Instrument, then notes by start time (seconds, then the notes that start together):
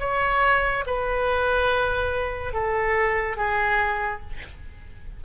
oboe
0.00 C#5
0.87 B4
2.54 A4
3.37 G#4